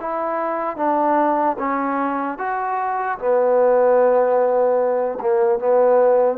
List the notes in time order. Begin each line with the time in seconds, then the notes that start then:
0.00 E4
0.76 D4
1.59 C#4
2.38 F#4
3.19 B3
5.21 A#3
5.59 B3